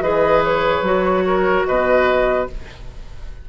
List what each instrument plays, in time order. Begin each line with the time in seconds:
0.00 bassoon E3, clarinet G#4, oboe B4, flute D#5
0.43 flute C#5
0.81 bassoon F#3, clarinet F#4
1.26 oboe A#4
1.66 bassoon B2, oboe B4, flute D#5